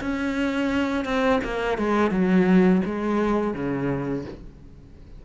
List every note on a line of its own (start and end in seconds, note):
0.00 1.04 C#4
1.04 1.40 C4
1.43 1.78 A#3
1.78 2.10 G#3
2.10 2.81 F#3
2.85 3.54 G#3
3.54 4.24 C#3